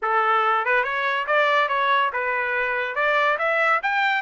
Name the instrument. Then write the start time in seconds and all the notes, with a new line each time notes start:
trumpet
0.02 A4
0.65 B4
0.83 C#5
1.27 D5
1.68 C#5
2.13 B4
2.95 D5
3.38 E5
3.82 G5